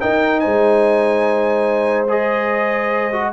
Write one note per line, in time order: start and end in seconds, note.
0.00 2.07 D#4
0.00 0.45 D#4
0.00 0.41 A#4
0.00 0.40 G5
0.40 3.33 G#3
0.40 3.30 C5
0.40 2.05 G#5
2.08 3.12 G#4
2.08 3.33 D#5
3.12 3.33 F#4